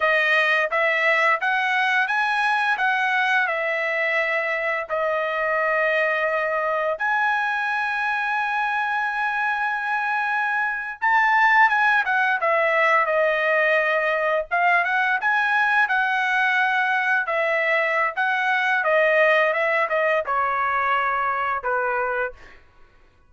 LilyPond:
\new Staff \with { instrumentName = "trumpet" } { \time 4/4 \tempo 4 = 86 dis''4 e''4 fis''4 gis''4 | fis''4 e''2 dis''4~ | dis''2 gis''2~ | gis''2.~ gis''8. a''16~ |
a''8. gis''8 fis''8 e''4 dis''4~ dis''16~ | dis''8. f''8 fis''8 gis''4 fis''4~ fis''16~ | fis''8. e''4~ e''16 fis''4 dis''4 | e''8 dis''8 cis''2 b'4 | }